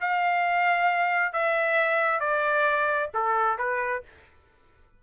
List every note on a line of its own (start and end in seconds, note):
0.00 1.32 F5
1.32 2.20 E5
2.20 3.09 D5
3.14 3.58 A4
3.58 4.02 B4